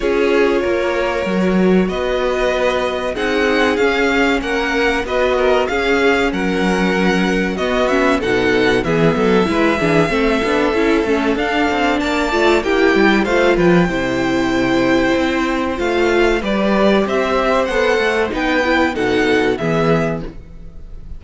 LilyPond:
<<
  \new Staff \with { instrumentName = "violin" } { \time 4/4 \tempo 4 = 95 cis''2. dis''4~ | dis''4 fis''4 f''4 fis''4 | dis''4 f''4 fis''2 | dis''8 e''8 fis''4 e''2~ |
e''2 f''4 a''4 | g''4 f''8 g''2~ g''8~ | g''4 f''4 d''4 e''4 | fis''4 g''4 fis''4 e''4 | }
  \new Staff \with { instrumentName = "violin" } { \time 4/4 gis'4 ais'2 b'4~ | b'4 gis'2 ais'4 | b'8 ais'8 gis'4 ais'2 | fis'4 a'4 gis'8 a'8 b'8 gis'8 |
a'2. d''4 | g'4 c''8 b'8 c''2~ | c''2 b'4 c''4~ | c''4 b'4 a'4 gis'4 | }
  \new Staff \with { instrumentName = "viola" } { \time 4/4 f'2 fis'2~ | fis'4 dis'4 cis'2 | fis'4 cis'2. | b8 cis'8 dis'4 b4 e'8 d'8 |
c'8 d'8 e'8 cis'8 d'4. f'8 | e'4 f'4 e'2~ | e'4 f'4 g'2 | a'4 dis'8 e'8 dis'4 b4 | }
  \new Staff \with { instrumentName = "cello" } { \time 4/4 cis'4 ais4 fis4 b4~ | b4 c'4 cis'4 ais4 | b4 cis'4 fis2 | b4 b,4 e8 fis8 gis8 e8 |
a8 b8 cis'8 a8 d'8 c'8 ais8 a8 | ais8 g8 a8 f8 c2 | c'4 a4 g4 c'4 | b8 a8 b4 b,4 e4 | }
>>